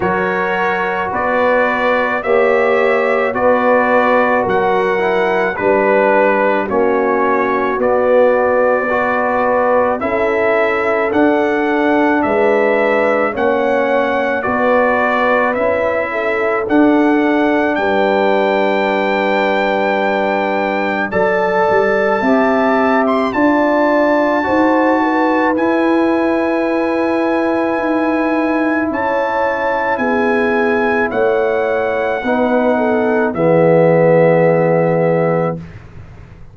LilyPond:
<<
  \new Staff \with { instrumentName = "trumpet" } { \time 4/4 \tempo 4 = 54 cis''4 d''4 e''4 d''4 | fis''4 b'4 cis''4 d''4~ | d''4 e''4 fis''4 e''4 | fis''4 d''4 e''4 fis''4 |
g''2. a''4~ | a''8. c'''16 a''2 gis''4~ | gis''2 a''4 gis''4 | fis''2 e''2 | }
  \new Staff \with { instrumentName = "horn" } { \time 4/4 ais'4 b'4 cis''4 b'4 | ais'4 b'4 fis'2 | b'4 a'2 b'4 | cis''4 b'4. a'4. |
b'2. d''4 | e''4 d''4 c''8 b'4.~ | b'2 cis''4 gis'4 | cis''4 b'8 a'8 gis'2 | }
  \new Staff \with { instrumentName = "trombone" } { \time 4/4 fis'2 g'4 fis'4~ | fis'8 e'8 d'4 cis'4 b4 | fis'4 e'4 d'2 | cis'4 fis'4 e'4 d'4~ |
d'2. a'4 | g'4 f'4 fis'4 e'4~ | e'1~ | e'4 dis'4 b2 | }
  \new Staff \with { instrumentName = "tuba" } { \time 4/4 fis4 b4 ais4 b4 | fis4 g4 ais4 b4~ | b4 cis'4 d'4 gis4 | ais4 b4 cis'4 d'4 |
g2. fis8 g8 | c'4 d'4 dis'4 e'4~ | e'4 dis'4 cis'4 b4 | a4 b4 e2 | }
>>